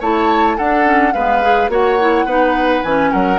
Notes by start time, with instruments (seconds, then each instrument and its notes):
0.00 bassoon A3, clarinet E4, oboe C#5, flute A5
0.57 bassoon D4, clarinet D4, oboe A4, flute F#5
0.84 clarinet C#4
1.13 bassoon G#3, clarinet B3, oboe B4, flute F5
1.42 clarinet G#4
1.69 bassoon A#3, clarinet F#4, oboe C#5, flute F#5
2.00 clarinet E4
2.25 bassoon B3, clarinet D#4, oboe B4
2.83 bassoon E3, clarinet C#4, flute G#5
3.12 bassoon F#3, oboe A#4, flute F#5